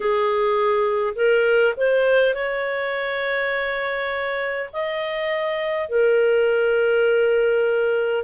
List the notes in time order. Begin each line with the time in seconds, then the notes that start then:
0.00 G#4
1.15 A#4
1.76 C5
2.34 C#5
4.72 D#5
5.88 A#4